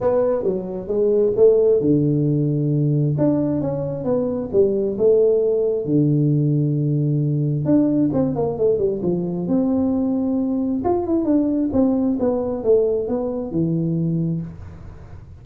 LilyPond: \new Staff \with { instrumentName = "tuba" } { \time 4/4 \tempo 4 = 133 b4 fis4 gis4 a4 | d2. d'4 | cis'4 b4 g4 a4~ | a4 d2.~ |
d4 d'4 c'8 ais8 a8 g8 | f4 c'2. | f'8 e'8 d'4 c'4 b4 | a4 b4 e2 | }